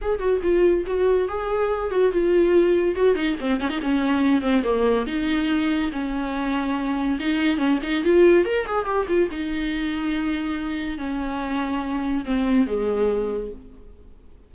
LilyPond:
\new Staff \with { instrumentName = "viola" } { \time 4/4 \tempo 4 = 142 gis'8 fis'8 f'4 fis'4 gis'4~ | gis'8 fis'8 f'2 fis'8 dis'8 | c'8 cis'16 dis'16 cis'4. c'8 ais4 | dis'2 cis'2~ |
cis'4 dis'4 cis'8 dis'8 f'4 | ais'8 gis'8 g'8 f'8 dis'2~ | dis'2 cis'2~ | cis'4 c'4 gis2 | }